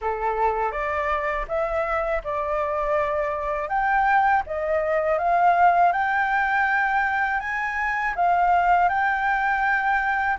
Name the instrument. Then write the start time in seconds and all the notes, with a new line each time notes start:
flute
0.01 A4
0.71 D5
1.48 E5
2.24 D5
3.68 G5
4.46 D#5
5.18 F5
5.92 G5
7.40 G#5
8.15 F5
8.89 G5